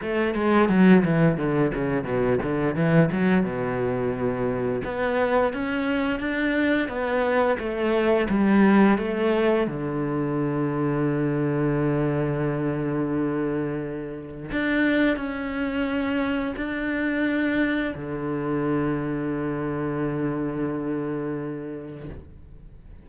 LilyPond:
\new Staff \with { instrumentName = "cello" } { \time 4/4 \tempo 4 = 87 a8 gis8 fis8 e8 d8 cis8 b,8 d8 | e8 fis8 b,2 b4 | cis'4 d'4 b4 a4 | g4 a4 d2~ |
d1~ | d4 d'4 cis'2 | d'2 d2~ | d1 | }